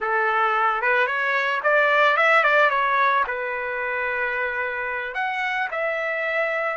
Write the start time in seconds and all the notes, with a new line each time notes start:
0.00 A4
0.81 B4
1.06 C#5
1.63 D5
2.16 E5
2.43 D5
2.70 C#5
3.27 B4
5.14 F#5
5.71 E5